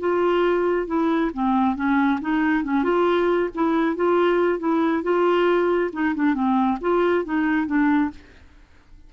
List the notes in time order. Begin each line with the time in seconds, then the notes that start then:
0.00 F4
0.87 E4
1.34 C4
1.76 C#4
2.21 D#4
2.64 C#4
2.84 F4
3.55 E4
3.96 F4
4.59 E4
5.03 F4
5.93 D#4
6.15 D4
6.35 C4
6.81 F4
7.25 D#4
7.67 D4